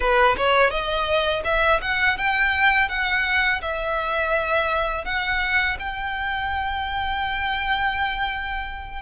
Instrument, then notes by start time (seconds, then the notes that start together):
violin
0.00 B4
0.37 C#5
0.70 D#5
1.44 E5
1.81 F#5
2.17 G5
2.88 F#5
3.61 E5
5.04 F#5
5.79 G5